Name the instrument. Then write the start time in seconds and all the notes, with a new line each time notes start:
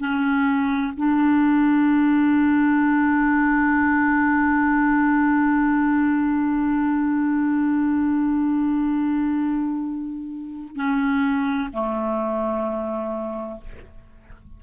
clarinet
0.00 C#4
0.97 D4
10.76 C#4
11.73 A3